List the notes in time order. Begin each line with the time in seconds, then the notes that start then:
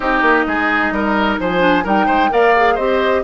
0.00 C4 D#4 G4 D#5
0.21 A#3
0.47 G#3 G#4
0.91 G3 A#4
1.39 F3 C5 G#5
1.59 D4
1.84 G3 D#4 A#4 G5
2.06 G#3 C5
2.30 A#3 A#4 D5 F5
2.55 G#4
2.75 C4 G4 C5 D#5